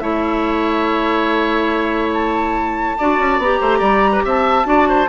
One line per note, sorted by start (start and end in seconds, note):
0.00 2.97 A3
0.00 2.97 E4
0.00 2.98 C#5
0.00 2.11 E5
2.14 3.40 A5
2.99 3.19 D4
2.99 3.43 F#4
2.99 3.61 D5
3.19 3.39 C#4
3.39 3.60 B3
3.39 4.65 G4
3.39 4.25 A#5
3.61 3.81 A3
3.61 3.79 C5
3.79 4.23 G3
3.79 4.11 D5
4.13 4.23 B4
4.25 4.65 C4
4.25 4.67 E5
4.25 5.09 A5
4.65 5.08 D4
4.65 5.07 F#4
4.65 4.89 D5
4.89 5.09 C5